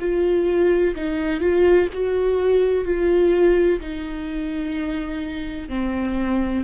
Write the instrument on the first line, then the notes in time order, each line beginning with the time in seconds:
viola
0.00 F4
0.96 D#4
1.40 F4
1.93 F#4
2.85 F4
3.81 D#4
5.69 C4